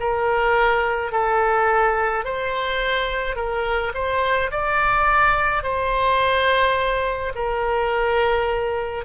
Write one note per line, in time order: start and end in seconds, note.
0.00 1.12 A#4
1.12 2.25 A4
2.25 3.36 C5
3.36 3.93 A#4
3.94 4.51 C5
4.51 5.63 D5
5.63 7.33 C5
7.35 9.05 A#4